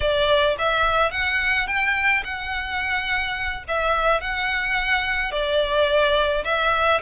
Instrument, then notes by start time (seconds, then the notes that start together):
violin
0.00 D5
0.58 E5
1.11 F#5
1.67 G5
2.24 F#5
3.67 E5
4.21 F#5
5.31 D5
6.44 E5